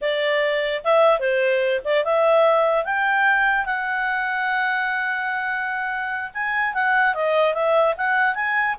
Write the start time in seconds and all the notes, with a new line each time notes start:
0.01 D5
0.84 E5
1.19 C5
1.84 D5
2.04 E5
2.85 G5
3.65 F#5
6.34 G#5
6.73 F#5
7.14 D#5
7.54 E5
7.97 F#5
8.34 G#5